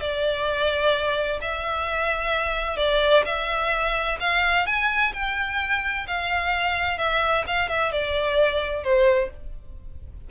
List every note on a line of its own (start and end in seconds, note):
0.00 1.40 D5
1.41 2.77 E5
2.77 3.23 D5
3.25 4.18 E5
4.20 4.66 F5
4.66 5.13 G#5
5.13 6.06 G5
6.07 6.98 F5
6.98 7.44 E5
7.47 7.68 F5
7.68 7.92 E5
7.92 8.83 D5
8.83 9.30 C5